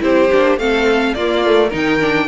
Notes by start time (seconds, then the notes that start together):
0.00 C4 E4 G4 C5
0.32 A#3 D4
0.57 A3 C4 A4 F5
1.14 A#3 F4 D5
1.46 A3
1.69 D#3 D#4 A#4
1.76 G5
2.00 D4